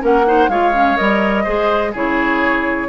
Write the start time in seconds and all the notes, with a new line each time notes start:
0.00 A#3 C#4 A#4 F#5
0.26 D#4 C5
0.48 G#3 F4 C#5 F5
0.73 C#4
0.97 G3 A#4 D#5
1.44 G#3 G#4 C5
1.92 C#3 E4 G#4 C#5